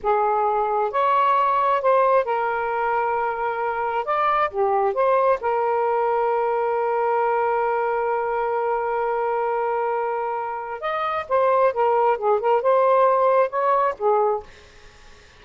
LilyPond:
\new Staff \with { instrumentName = "saxophone" } { \time 4/4 \tempo 4 = 133 gis'2 cis''2 | c''4 ais'2.~ | ais'4 d''4 g'4 c''4 | ais'1~ |
ais'1~ | ais'1 | dis''4 c''4 ais'4 gis'8 ais'8 | c''2 cis''4 gis'4 | }